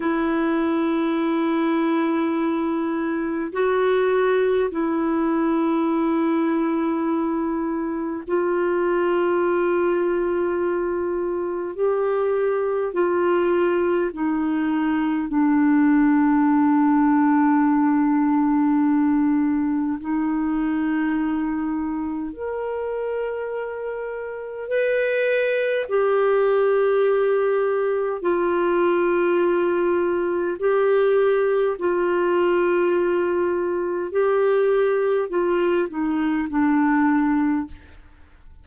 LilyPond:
\new Staff \with { instrumentName = "clarinet" } { \time 4/4 \tempo 4 = 51 e'2. fis'4 | e'2. f'4~ | f'2 g'4 f'4 | dis'4 d'2.~ |
d'4 dis'2 ais'4~ | ais'4 b'4 g'2 | f'2 g'4 f'4~ | f'4 g'4 f'8 dis'8 d'4 | }